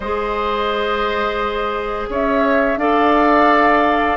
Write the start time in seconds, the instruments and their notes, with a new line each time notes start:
0.00 bassoon G#3, clarinet G#4, oboe C5, flute D#5
2.09 bassoon C#4, oboe C#5, flute E5
2.76 bassoon D4, clarinet A4, oboe D5, flute F5